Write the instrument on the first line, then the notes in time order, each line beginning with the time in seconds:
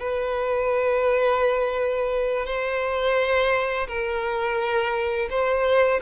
violin
0.00 B4
2.46 C5
3.88 A#4
5.30 C5